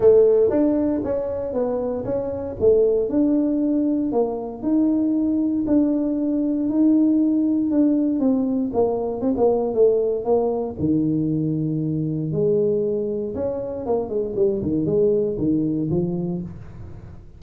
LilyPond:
\new Staff \with { instrumentName = "tuba" } { \time 4/4 \tempo 4 = 117 a4 d'4 cis'4 b4 | cis'4 a4 d'2 | ais4 dis'2 d'4~ | d'4 dis'2 d'4 |
c'4 ais4 c'16 ais8. a4 | ais4 dis2. | gis2 cis'4 ais8 gis8 | g8 dis8 gis4 dis4 f4 | }